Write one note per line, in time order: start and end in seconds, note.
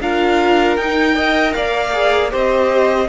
0.00 0.77 D4
0.00 0.78 F4
0.00 1.15 A#4
0.00 0.76 F5
0.76 1.54 D#4
0.76 1.15 D#4
0.76 1.53 G5
1.15 1.92 A#4
1.15 1.53 D#5
1.53 2.32 A#3
1.53 2.31 D5
1.53 2.30 F5
1.92 2.30 G#4
2.30 3.08 C4
2.30 3.07 G4
2.30 3.08 C5
2.30 3.08 D#5